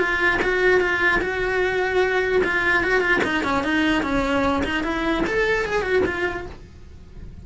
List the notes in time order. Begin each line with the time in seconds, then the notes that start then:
0.00 F4
0.42 F#4
0.81 F4
1.22 F#4
2.45 F4
2.84 F#4
3.01 F4
3.25 D#4
3.44 C#4
3.64 D#4
4.03 C#4
4.65 D#4
4.84 E4
5.27 A4
5.65 G#4
5.83 F#4
6.06 F4